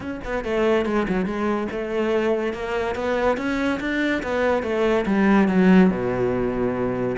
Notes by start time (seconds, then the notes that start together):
0.00 C#4
0.24 B3
0.44 A3
0.85 G#3
1.08 F#3
1.25 G#3
1.71 A3
2.53 A#3
2.95 B3
3.37 C#4
3.80 D4
4.22 B3
4.62 A3
5.06 G3
5.48 F#3
5.90 B2